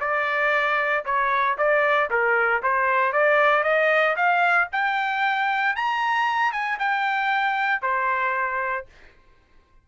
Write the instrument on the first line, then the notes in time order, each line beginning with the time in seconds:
trumpet
0.00 D5
1.05 C#5
1.57 D5
2.10 A#4
2.62 C5
3.12 D5
3.63 D#5
4.16 F5
4.72 G5
5.76 A#5
6.52 G#5
6.79 G5
7.81 C5